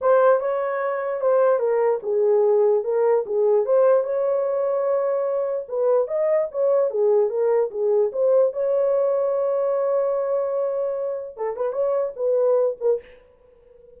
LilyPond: \new Staff \with { instrumentName = "horn" } { \time 4/4 \tempo 4 = 148 c''4 cis''2 c''4 | ais'4 gis'2 ais'4 | gis'4 c''4 cis''2~ | cis''2 b'4 dis''4 |
cis''4 gis'4 ais'4 gis'4 | c''4 cis''2.~ | cis''1 | a'8 b'8 cis''4 b'4. ais'8 | }